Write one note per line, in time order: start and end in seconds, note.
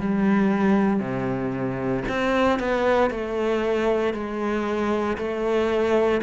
0.00 1.00 G3
1.00 2.04 C3
2.08 2.59 C4
2.59 3.10 B3
3.10 4.14 A3
4.14 5.17 G#3
5.17 6.21 A3